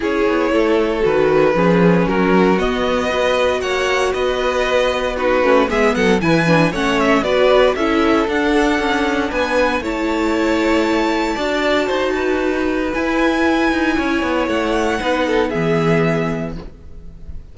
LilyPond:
<<
  \new Staff \with { instrumentName = "violin" } { \time 4/4 \tempo 4 = 116 cis''2 b'2 | ais'4 dis''2 fis''4 | dis''2 b'4 e''8 fis''8 | gis''4 fis''8 e''8 d''4 e''4 |
fis''2 gis''4 a''4~ | a''1~ | a''4 gis''2. | fis''2 e''2 | }
  \new Staff \with { instrumentName = "violin" } { \time 4/4 gis'4 a'2 gis'4 | fis'2 b'4 cis''4 | b'2 fis'4 gis'8 a'8 | b'4 cis''4 b'4 a'4~ |
a'2 b'4 cis''4~ | cis''2 d''4 c''8 b'8~ | b'2. cis''4~ | cis''4 b'8 a'8 gis'2 | }
  \new Staff \with { instrumentName = "viola" } { \time 4/4 e'2 fis'4 cis'4~ | cis'4 b4 fis'2~ | fis'2 dis'8 cis'8 b4 | e'8 d'8 cis'4 fis'4 e'4 |
d'2. e'4~ | e'2 fis'2~ | fis'4 e'2.~ | e'4 dis'4 b2 | }
  \new Staff \with { instrumentName = "cello" } { \time 4/4 cis'8 b8 a4 dis4 f4 | fis4 b2 ais4 | b2~ b8 a8 gis8 fis8 | e4 a4 b4 cis'4 |
d'4 cis'4 b4 a4~ | a2 d'4 dis'4~ | dis'4 e'4. dis'8 cis'8 b8 | a4 b4 e2 | }
>>